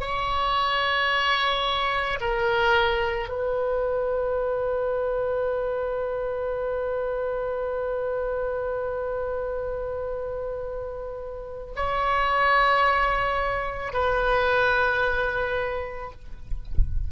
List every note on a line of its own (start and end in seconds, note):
0.00 2.18 C#5
2.20 3.28 A#4
3.28 11.74 B4
11.76 13.93 C#5
13.93 16.11 B4